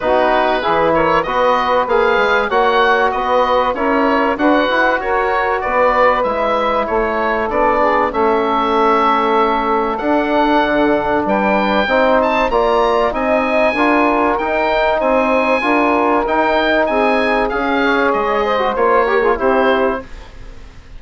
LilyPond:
<<
  \new Staff \with { instrumentName = "oboe" } { \time 4/4 \tempo 4 = 96 b'4. cis''8 dis''4 f''4 | fis''4 dis''4 cis''4 fis''4 | cis''4 d''4 e''4 cis''4 | d''4 e''2. |
fis''2 g''4. a''8 | ais''4 gis''2 g''4 | gis''2 g''4 gis''4 | f''4 dis''4 cis''4 c''4 | }
  \new Staff \with { instrumentName = "saxophone" } { \time 4/4 fis'4 gis'8 ais'8 b'2 | cis''4 b'4 ais'4 b'4 | ais'4 b'2 a'4~ | a'8 gis'8 a'2.~ |
a'2 b'4 c''4 | d''4 dis''4 ais'2 | c''4 ais'2 gis'4~ | gis'8 cis''4 c''4 ais'16 gis'16 g'4 | }
  \new Staff \with { instrumentName = "trombone" } { \time 4/4 dis'4 e'4 fis'4 gis'4 | fis'2 e'4 fis'4~ | fis'2 e'2 | d'4 cis'2. |
d'2. dis'4 | f'4 dis'4 f'4 dis'4~ | dis'4 f'4 dis'2 | gis'4.~ gis'16 fis'16 f'8 g'16 f'16 e'4 | }
  \new Staff \with { instrumentName = "bassoon" } { \time 4/4 b4 e4 b4 ais8 gis8 | ais4 b4 cis'4 d'8 e'8 | fis'4 b4 gis4 a4 | b4 a2. |
d'4 d4 g4 c'4 | ais4 c'4 d'4 dis'4 | c'4 d'4 dis'4 c'4 | cis'4 gis4 ais4 c'4 | }
>>